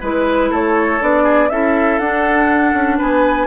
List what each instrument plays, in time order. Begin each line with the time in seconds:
0.00 bassoon G#3, clarinet E4, oboe B4, flute B4
0.50 bassoon A3, oboe A4, flute C#5
0.99 bassoon B3, clarinet D4, flute D5
1.23 oboe G#4
1.49 bassoon C#4, clarinet E4, oboe A4, flute E5
1.98 bassoon D4, clarinet D4, flute F#5
2.73 bassoon C#4
2.98 bassoon B3, oboe B4, flute G#5